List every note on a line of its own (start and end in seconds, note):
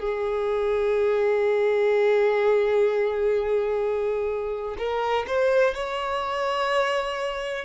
0.00 4.76 G#4
4.78 5.26 A#4
5.28 5.74 C5
5.74 7.65 C#5